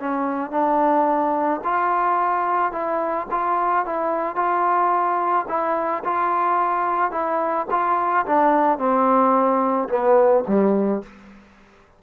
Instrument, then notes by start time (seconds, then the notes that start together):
trombone
0.00 C#4
0.51 D4
1.64 F4
2.72 E4
3.31 F4
3.86 E4
4.36 F4
5.48 E4
6.05 F4
7.12 E4
7.71 F4
8.26 D4
8.79 C4
9.89 B3
10.48 G3